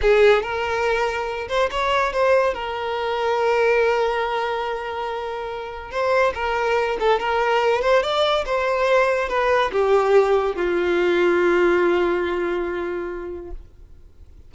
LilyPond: \new Staff \with { instrumentName = "violin" } { \time 4/4 \tempo 4 = 142 gis'4 ais'2~ ais'8 c''8 | cis''4 c''4 ais'2~ | ais'1~ | ais'2 c''4 ais'4~ |
ais'8 a'8 ais'4. c''8 d''4 | c''2 b'4 g'4~ | g'4 f'2.~ | f'1 | }